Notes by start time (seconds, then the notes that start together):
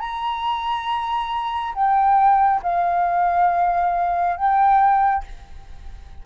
0.00 A#5
1.75 G5
2.63 F5
4.37 G5